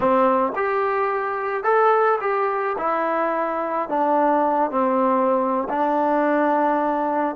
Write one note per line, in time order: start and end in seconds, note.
0.00 0.53 C4
0.55 1.63 G4
1.63 2.19 A4
2.20 2.76 G4
2.78 3.89 E4
3.89 4.70 D4
4.70 5.68 C4
5.69 7.35 D4